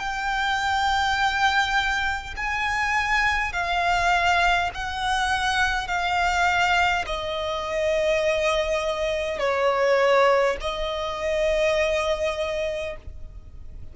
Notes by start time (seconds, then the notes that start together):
0.00 G5
2.37 G#5
3.53 F5
4.75 F#5
5.88 F5
7.06 D#5
9.40 C#5
10.61 D#5